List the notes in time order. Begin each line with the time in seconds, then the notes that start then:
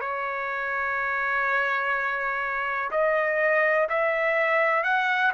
0.00 C#5
2.91 D#5
3.89 E5
4.83 F#5